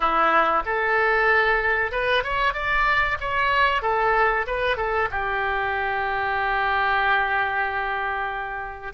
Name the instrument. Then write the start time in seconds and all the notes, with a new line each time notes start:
oboe
0.00 E4
0.65 A4
1.91 B4
2.23 C#5
2.53 D5
3.20 C#5
3.82 A4
4.47 B4
4.76 A4
5.11 G4